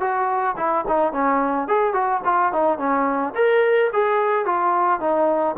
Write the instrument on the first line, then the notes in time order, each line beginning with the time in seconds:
trombone
0.00 F#4
0.57 E4
0.87 D#4
1.12 C#4
1.67 G#4
1.93 F#4
2.24 F4
2.52 D#4
2.78 C#4
3.35 A#4
3.93 G#4
4.45 F4
5.00 D#4